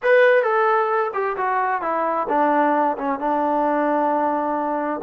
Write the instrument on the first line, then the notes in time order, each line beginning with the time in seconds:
trombone
0.02 B4
0.43 A4
1.13 G4
1.36 F#4
1.81 E4
2.29 D4
2.97 C#4
3.19 D4